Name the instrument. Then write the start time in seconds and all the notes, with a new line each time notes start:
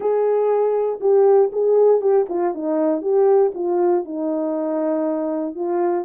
horn
0.00 G#4
1.00 G4
1.52 G#4
2.01 G4
2.29 F4
2.54 D#4
3.01 G4
3.54 F4
4.04 D#4
5.55 F4